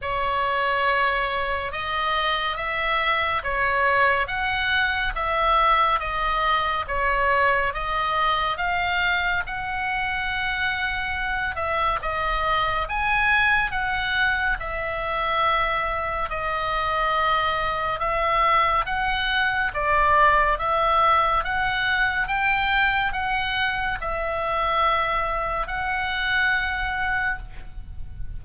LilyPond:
\new Staff \with { instrumentName = "oboe" } { \time 4/4 \tempo 4 = 70 cis''2 dis''4 e''4 | cis''4 fis''4 e''4 dis''4 | cis''4 dis''4 f''4 fis''4~ | fis''4. e''8 dis''4 gis''4 |
fis''4 e''2 dis''4~ | dis''4 e''4 fis''4 d''4 | e''4 fis''4 g''4 fis''4 | e''2 fis''2 | }